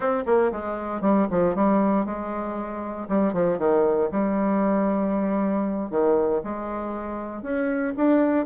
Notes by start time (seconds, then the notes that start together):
0.00 C4
0.26 A#3
0.52 G#3
1.01 G3
1.30 F3
1.55 G3
2.05 G#3
3.08 G3
3.33 F3
3.58 D#3
4.11 G3
5.90 D#3
6.43 G#3
7.42 C#4
7.97 D4